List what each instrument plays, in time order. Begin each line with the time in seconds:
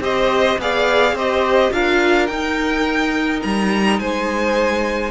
0.00 cello C4, viola G4, violin C5 D#5
0.59 cello B3, viola G#4, violin D5 F5
1.13 cello C4, viola G4, violin C5 D#5
1.73 cello D4, viola F4, violin A#4 F5
2.27 cello D#4, viola D#4, violin G5
3.43 cello G3, violin A#5
4.00 cello G#3, violin C5 G#5